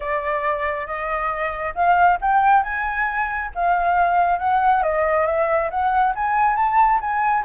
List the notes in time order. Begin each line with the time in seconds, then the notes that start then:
0.00 D5
0.86 D#5
1.74 F5
2.21 G5
2.63 G#5
3.54 F5
4.38 F#5
4.82 D#5
5.26 E5
5.70 F#5
6.15 G#5
6.56 A5
7.00 G#5